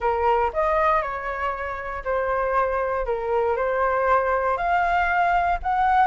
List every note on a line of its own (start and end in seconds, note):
0.00 0.51 A#4
0.53 1.01 D#5
1.01 2.03 C#5
2.04 3.05 C5
3.05 3.56 A#4
3.56 4.57 C5
4.57 5.58 F5
5.62 6.07 F#5